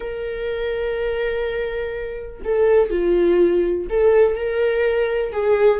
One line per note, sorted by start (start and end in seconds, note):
0.00 2.42 A#4
2.44 2.90 A4
2.90 3.87 F4
3.89 4.35 A4
4.35 5.32 A#4
5.32 5.80 G#4